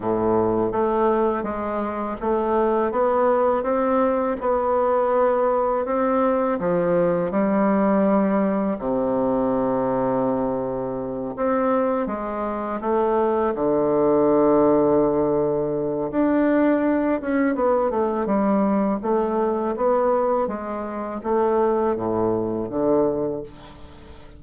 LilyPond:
\new Staff \with { instrumentName = "bassoon" } { \time 4/4 \tempo 4 = 82 a,4 a4 gis4 a4 | b4 c'4 b2 | c'4 f4 g2 | c2.~ c8 c'8~ |
c'8 gis4 a4 d4.~ | d2 d'4. cis'8 | b8 a8 g4 a4 b4 | gis4 a4 a,4 d4 | }